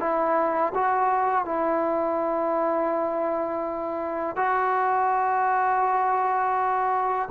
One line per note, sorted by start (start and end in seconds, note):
0.00 0.73 E4
0.75 1.45 F#4
1.45 4.36 E4
4.36 7.29 F#4